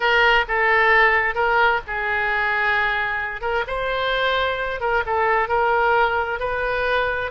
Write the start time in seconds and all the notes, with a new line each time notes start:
0.00 A#4
0.48 A4
1.34 A#4
1.87 G#4
3.41 A#4
3.67 C5
4.80 A#4
5.06 A4
5.48 A#4
6.39 B4